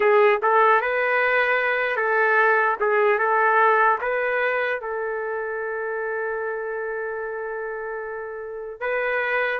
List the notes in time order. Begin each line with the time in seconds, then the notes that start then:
0.00 G#4
0.42 A4
0.81 B4
1.96 A4
2.80 G#4
3.18 A4
4.01 B4
4.80 A4
8.80 B4